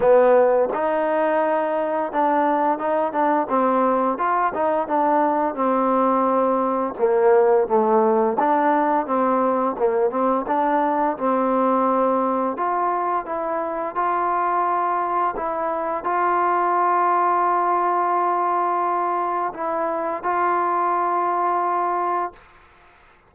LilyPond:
\new Staff \with { instrumentName = "trombone" } { \time 4/4 \tempo 4 = 86 b4 dis'2 d'4 | dis'8 d'8 c'4 f'8 dis'8 d'4 | c'2 ais4 a4 | d'4 c'4 ais8 c'8 d'4 |
c'2 f'4 e'4 | f'2 e'4 f'4~ | f'1 | e'4 f'2. | }